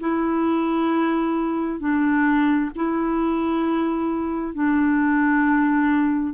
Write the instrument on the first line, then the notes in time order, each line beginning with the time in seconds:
clarinet
0.00 E4
1.80 D4
2.76 E4
4.55 D4